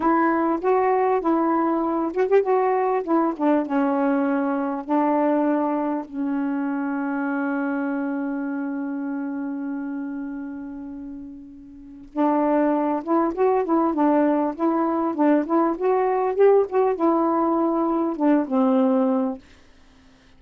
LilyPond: \new Staff \with { instrumentName = "saxophone" } { \time 4/4 \tempo 4 = 99 e'4 fis'4 e'4. fis'16 g'16 | fis'4 e'8 d'8 cis'2 | d'2 cis'2~ | cis'1~ |
cis'1 | d'4. e'8 fis'8 e'8 d'4 | e'4 d'8 e'8 fis'4 g'8 fis'8 | e'2 d'8 c'4. | }